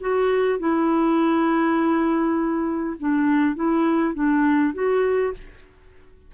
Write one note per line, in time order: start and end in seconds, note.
0.00 0.59 F#4
0.59 2.96 E4
2.99 3.55 D4
3.55 4.14 E4
4.14 4.73 D4
4.74 5.33 F#4